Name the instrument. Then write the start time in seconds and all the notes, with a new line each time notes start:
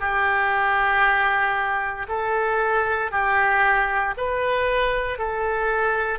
oboe
0.00 G4
2.08 A4
3.11 G4
4.17 B4
5.18 A4